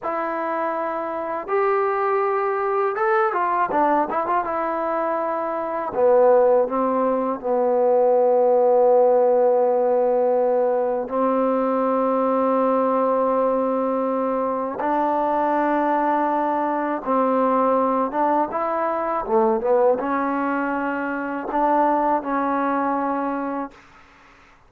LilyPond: \new Staff \with { instrumentName = "trombone" } { \time 4/4 \tempo 4 = 81 e'2 g'2 | a'8 f'8 d'8 e'16 f'16 e'2 | b4 c'4 b2~ | b2. c'4~ |
c'1 | d'2. c'4~ | c'8 d'8 e'4 a8 b8 cis'4~ | cis'4 d'4 cis'2 | }